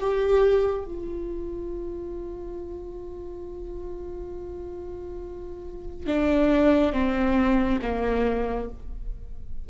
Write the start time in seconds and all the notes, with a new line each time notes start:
0.00 G4
0.85 F4
6.06 D4
6.92 C4
7.82 A#3